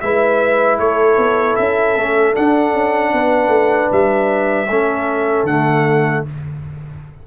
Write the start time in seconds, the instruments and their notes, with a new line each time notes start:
0.00 tuba G#3, trombone E4, horn B4, trumpet E5
0.79 tuba A3, horn A4, trumpet C#5
1.17 tuba B3
1.56 tuba C#4, trumpet E5
1.96 tuba A3, trombone C#4
2.33 trombone D4, tuba D4, trumpet F#5
2.73 tuba C#4
3.12 tuba B3, horn B4
3.48 tuba A3
3.92 tuba G3, trumpet E5
4.69 tuba A3, trombone C#4, horn A4
5.44 tuba D3, trombone A3, trumpet F#5